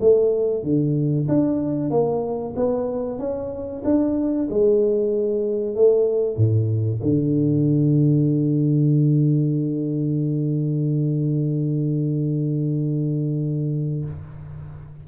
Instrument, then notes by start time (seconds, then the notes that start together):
tuba
0.00 A3
0.63 D3
1.28 D4
1.90 A#3
2.56 B3
3.18 C#4
3.84 D4
4.50 G#3
5.75 A3
6.36 A2
7.02 D3